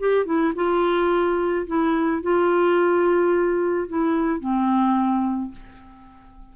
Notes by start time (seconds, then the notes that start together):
0.00 G4
0.26 E4
0.56 F4
1.67 E4
2.22 F4
3.89 E4
4.40 C4